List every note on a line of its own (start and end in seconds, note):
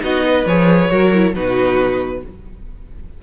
0.00 0.45 B3
0.00 0.44 D#4
0.00 0.25 F#4
0.00 0.46 D#5
0.25 0.91 B4
0.45 0.89 F3
0.45 0.89 G#4
0.45 1.34 C#5
0.89 1.34 F#3
0.89 1.11 F#4
0.89 1.34 A#4
1.13 1.34 E4
1.34 2.22 B2
1.34 2.22 D#4
1.34 2.22 F#4
1.34 2.23 B4